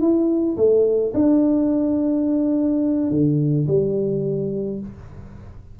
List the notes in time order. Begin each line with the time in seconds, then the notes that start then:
0.00 E4
0.56 A3
1.14 D4
3.10 D3
3.67 G3